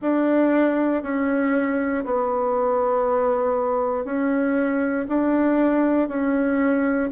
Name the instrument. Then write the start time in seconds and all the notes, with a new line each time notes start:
bassoon
0.01 D4
1.02 C#4
2.04 B3
4.04 C#4
5.08 D4
6.08 C#4